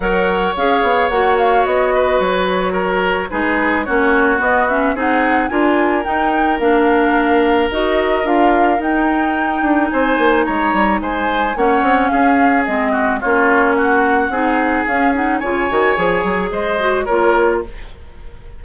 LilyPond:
<<
  \new Staff \with { instrumentName = "flute" } { \time 4/4 \tempo 4 = 109 fis''4 f''4 fis''8 f''8 dis''4 | cis''2 b'4 cis''4 | dis''8 e''8 fis''4 gis''4 g''4 | f''2 dis''4 f''4 |
g''2 gis''4 ais''4 | gis''4 fis''4 f''4 dis''4 | cis''4 fis''2 f''8 fis''8 | gis''2 dis''4 cis''4 | }
  \new Staff \with { instrumentName = "oboe" } { \time 4/4 cis''2.~ cis''8 b'8~ | b'4 ais'4 gis'4 fis'4~ | fis'4 gis'4 ais'2~ | ais'1~ |
ais'2 c''4 cis''4 | c''4 cis''4 gis'4. fis'8 | f'4 fis'4 gis'2 | cis''2 c''4 ais'4 | }
  \new Staff \with { instrumentName = "clarinet" } { \time 4/4 ais'4 gis'4 fis'2~ | fis'2 dis'4 cis'4 | b8 cis'8 dis'4 f'4 dis'4 | d'2 fis'4 f'4 |
dis'1~ | dis'4 cis'2 c'4 | cis'2 dis'4 cis'8 dis'8 | f'8 fis'8 gis'4. fis'8 f'4 | }
  \new Staff \with { instrumentName = "bassoon" } { \time 4/4 fis4 cis'8 b8 ais4 b4 | fis2 gis4 ais4 | b4 c'4 d'4 dis'4 | ais2 dis'4 d'4 |
dis'4. d'8 c'8 ais8 gis8 g8 | gis4 ais8 c'8 cis'4 gis4 | ais2 c'4 cis'4 | cis8 dis8 f8 fis8 gis4 ais4 | }
>>